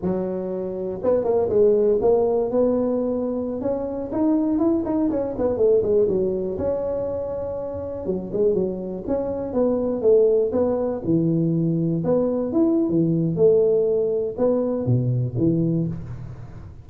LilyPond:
\new Staff \with { instrumentName = "tuba" } { \time 4/4 \tempo 4 = 121 fis2 b8 ais8 gis4 | ais4 b2~ b16 cis'8.~ | cis'16 dis'4 e'8 dis'8 cis'8 b8 a8 gis16~ | gis16 fis4 cis'2~ cis'8.~ |
cis'16 fis8 gis8 fis4 cis'4 b8.~ | b16 a4 b4 e4.~ e16~ | e16 b4 e'8. e4 a4~ | a4 b4 b,4 e4 | }